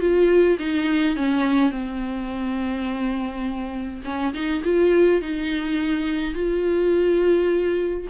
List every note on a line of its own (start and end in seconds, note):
0.00 0.58 F4
0.59 1.16 D#4
1.16 1.71 C#4
1.71 4.02 C4
4.04 4.33 C#4
4.33 4.62 D#4
4.64 5.21 F4
5.21 6.34 D#4
6.34 8.07 F4